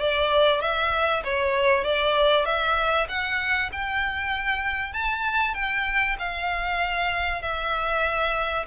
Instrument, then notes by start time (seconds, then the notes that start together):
violin
0.00 D5
0.61 E5
1.24 C#5
1.84 D5
2.45 E5
3.08 F#5
3.72 G5
4.93 A5
5.54 G5
6.19 F5
7.42 E5